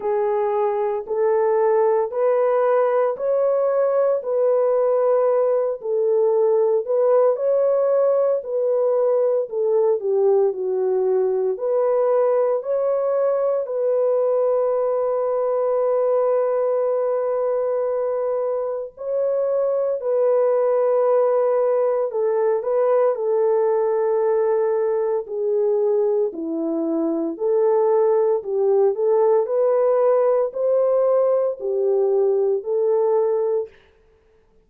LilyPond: \new Staff \with { instrumentName = "horn" } { \time 4/4 \tempo 4 = 57 gis'4 a'4 b'4 cis''4 | b'4. a'4 b'8 cis''4 | b'4 a'8 g'8 fis'4 b'4 | cis''4 b'2.~ |
b'2 cis''4 b'4~ | b'4 a'8 b'8 a'2 | gis'4 e'4 a'4 g'8 a'8 | b'4 c''4 g'4 a'4 | }